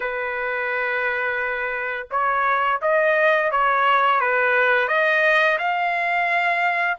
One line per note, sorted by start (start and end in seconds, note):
0.00 2.07 B4
2.10 2.80 C#5
2.81 3.51 D#5
3.51 4.20 C#5
4.20 4.88 B4
4.88 5.58 D#5
5.58 6.97 F5